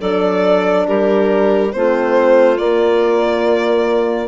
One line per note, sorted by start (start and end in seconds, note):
0.00 0.87 F#3
0.00 1.71 D4
0.00 0.86 A4
0.00 0.86 D5
0.87 1.73 G3
0.87 1.73 G4
0.87 1.72 A#4
1.72 2.59 A3
1.72 2.57 C4
1.72 4.28 F4
1.72 2.58 C5
2.57 4.28 A#3
2.57 4.28 D5